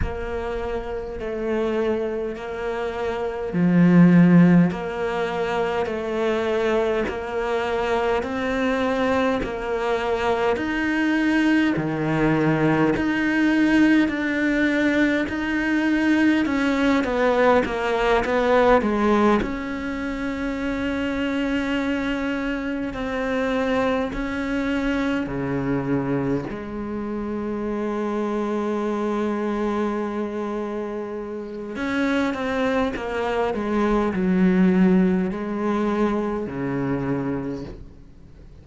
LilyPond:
\new Staff \with { instrumentName = "cello" } { \time 4/4 \tempo 4 = 51 ais4 a4 ais4 f4 | ais4 a4 ais4 c'4 | ais4 dis'4 dis4 dis'4 | d'4 dis'4 cis'8 b8 ais8 b8 |
gis8 cis'2. c'8~ | c'8 cis'4 cis4 gis4.~ | gis2. cis'8 c'8 | ais8 gis8 fis4 gis4 cis4 | }